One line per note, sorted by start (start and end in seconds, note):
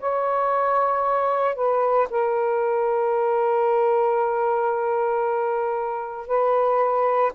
0.00 1.56 C#5
1.56 2.09 B4
2.11 6.27 A#4
6.27 7.33 B4